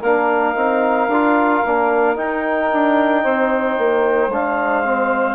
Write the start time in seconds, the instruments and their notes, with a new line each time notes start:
0.00 bassoon A#3, trombone D4, saxophone A#4, clarinet F5
0.55 bassoon C4, trombone D#4
1.08 bassoon D4, trombone F4
1.65 bassoon A#3, trombone D4
2.16 trombone D#4, bassoon D#4, clarinet G5
2.73 bassoon D4
3.23 bassoon C4, saxophone C5
3.78 bassoon A#3
4.29 bassoon G#3, trombone D4, clarinet F5
4.84 trombone C4